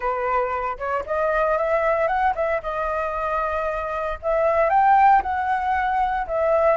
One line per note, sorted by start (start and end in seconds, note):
0.00 0.77 B4
0.78 1.04 C#5
1.06 1.57 D#5
1.57 2.07 E5
2.07 2.33 F#5
2.35 2.61 E5
2.62 4.18 D#5
4.22 4.69 E5
4.69 5.22 G5
5.22 6.27 F#5
6.27 6.76 E5